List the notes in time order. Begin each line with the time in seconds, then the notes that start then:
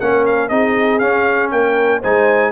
0.00 A#3 C#4 A#4 F#5
0.26 F5
0.48 C4 D#4 G#4 D#5
0.99 C#4 F5
1.51 A#3 A#4 G5
2.00 G#3 D#4 C5 G#5